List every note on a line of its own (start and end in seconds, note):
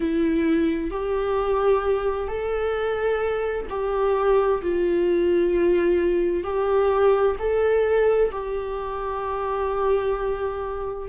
0.00 0.90 E4
0.90 2.28 G4
2.28 3.66 A4
3.69 4.62 G4
4.62 6.43 F4
6.43 7.36 G4
7.38 8.31 A4
8.31 11.08 G4